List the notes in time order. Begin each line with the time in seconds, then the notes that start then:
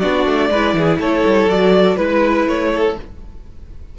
0.00 B3 D4 F#4 D5
0.27 A3
0.50 G#3 E4 B4
0.74 E3 G#4
0.99 A3 A4 C#5
1.26 G3
1.47 F#3 F#4 D5
1.97 G#3 E4 B4
2.47 A3 C#5
2.74 A4